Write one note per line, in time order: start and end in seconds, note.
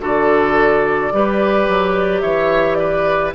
0.00 1.11 D3
0.00 1.11 F#4
0.00 1.13 A4
0.00 2.20 D5
1.13 1.68 G3
1.13 3.35 G4
1.13 2.22 B4
1.69 2.22 F#3
2.20 3.34 E3
2.20 2.78 C#5
2.20 2.75 E5
2.75 3.34 B4
2.75 3.31 D5